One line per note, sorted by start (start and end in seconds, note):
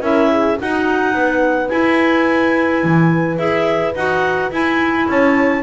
0.00 0.56 C#4
0.00 0.57 E4
0.00 0.30 A#4
0.00 0.59 E5
0.31 0.59 G#4
0.58 1.70 D#4
0.58 1.14 D#4
0.58 1.16 F#4
0.58 1.68 F#5
1.14 1.70 B3
1.14 5.09 B4
1.68 3.37 E4
1.68 2.83 E4
1.68 3.37 G#5
2.84 3.38 E3
3.37 3.94 E4
3.37 3.93 G#4
3.37 3.94 E5
3.94 4.50 D#4
3.94 4.51 F#4
3.94 4.51 F#5
4.51 5.62 E4
4.51 5.07 E4
4.51 5.09 G#5
5.09 5.62 C#4
5.09 5.62 C#5
5.09 5.62 A5